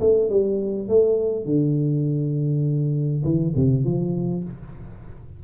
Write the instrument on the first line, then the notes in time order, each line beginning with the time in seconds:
tuba
0.00 A3
0.30 G3
0.89 A3
1.46 D3
3.24 E3
3.56 C3
3.85 F3